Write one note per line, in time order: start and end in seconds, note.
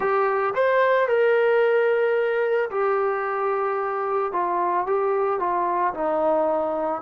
0.00 0.54 G4
0.54 1.07 C5
1.07 2.70 A#4
2.70 4.32 G4
4.32 4.86 F4
4.86 5.39 G4
5.39 5.93 F4
5.94 7.02 D#4